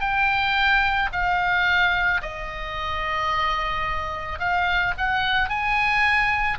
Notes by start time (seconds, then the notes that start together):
0.00 G5
1.12 F5
2.22 D#5
4.39 F5
4.97 F#5
5.49 G#5